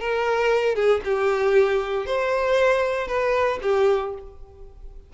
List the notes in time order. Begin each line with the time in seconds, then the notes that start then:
0.00 A#4
0.75 G#4
1.04 G4
2.06 C5
3.08 B4
3.62 G4